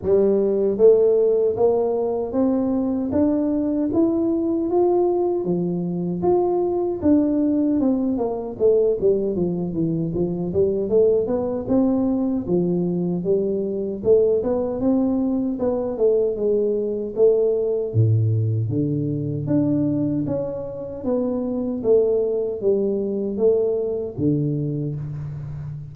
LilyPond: \new Staff \with { instrumentName = "tuba" } { \time 4/4 \tempo 4 = 77 g4 a4 ais4 c'4 | d'4 e'4 f'4 f4 | f'4 d'4 c'8 ais8 a8 g8 | f8 e8 f8 g8 a8 b8 c'4 |
f4 g4 a8 b8 c'4 | b8 a8 gis4 a4 a,4 | d4 d'4 cis'4 b4 | a4 g4 a4 d4 | }